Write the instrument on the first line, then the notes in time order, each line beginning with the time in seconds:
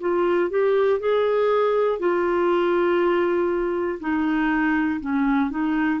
clarinet
0.00 F4
0.50 G4
0.99 G#4
1.99 F4
4.00 D#4
5.00 C#4
5.50 D#4